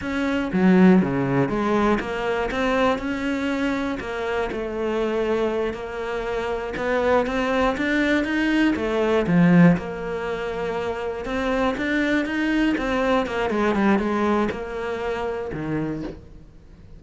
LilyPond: \new Staff \with { instrumentName = "cello" } { \time 4/4 \tempo 4 = 120 cis'4 fis4 cis4 gis4 | ais4 c'4 cis'2 | ais4 a2~ a8 ais8~ | ais4. b4 c'4 d'8~ |
d'8 dis'4 a4 f4 ais8~ | ais2~ ais8 c'4 d'8~ | d'8 dis'4 c'4 ais8 gis8 g8 | gis4 ais2 dis4 | }